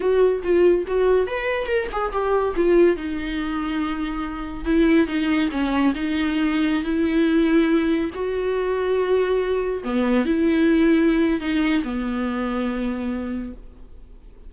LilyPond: \new Staff \with { instrumentName = "viola" } { \time 4/4 \tempo 4 = 142 fis'4 f'4 fis'4 b'4 | ais'8 gis'8 g'4 f'4 dis'4~ | dis'2. e'4 | dis'4 cis'4 dis'2~ |
dis'16 e'2. fis'8.~ | fis'2.~ fis'16 b8.~ | b16 e'2~ e'8. dis'4 | b1 | }